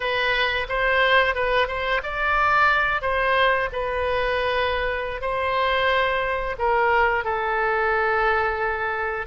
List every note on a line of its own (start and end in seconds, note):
0.00 0.67 B4
0.68 1.35 C5
1.35 1.67 B4
1.67 2.01 C5
2.03 3.01 D5
3.01 3.69 C5
3.72 5.21 B4
5.21 6.56 C5
6.58 7.24 A#4
7.24 9.26 A4